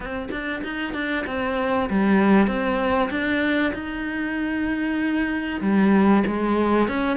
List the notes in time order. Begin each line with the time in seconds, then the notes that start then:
0.00 C4
0.31 D4
0.63 D#4
0.93 D4
1.26 C4
1.89 G3
2.47 C4
3.10 D4
3.73 D#4
5.61 G3
6.26 G#3
6.88 C#4